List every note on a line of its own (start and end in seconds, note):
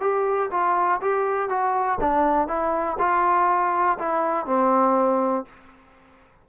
0.00 0.50 G4
0.51 1.00 F4
1.01 1.49 G4
1.49 1.99 F#4
2.00 2.47 D4
2.47 2.97 E4
2.98 3.98 F4
3.98 4.45 E4
4.45 5.45 C4